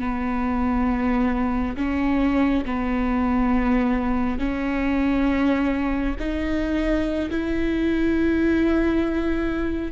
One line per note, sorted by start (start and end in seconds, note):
0.00 1.76 B3
1.76 2.65 C#4
2.66 4.39 B3
4.39 6.15 C#4
6.19 7.30 D#4
7.31 9.92 E4